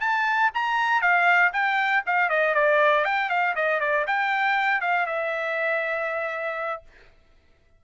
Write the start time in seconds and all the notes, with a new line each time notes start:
0.00 A5
0.54 A#5
1.01 F5
1.52 G5
2.06 F5
2.29 D#5
2.54 D5
3.04 G5
3.29 F5
3.55 D#5
3.80 D5
4.07 G5
4.81 F5
5.06 E5